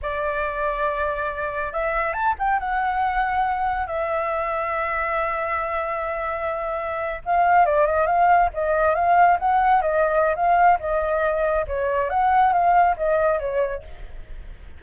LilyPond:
\new Staff \with { instrumentName = "flute" } { \time 4/4 \tempo 4 = 139 d''1 | e''4 a''8 g''8 fis''2~ | fis''4 e''2.~ | e''1~ |
e''8. f''4 d''8 dis''8 f''4 dis''16~ | dis''8. f''4 fis''4 dis''4~ dis''16 | f''4 dis''2 cis''4 | fis''4 f''4 dis''4 cis''4 | }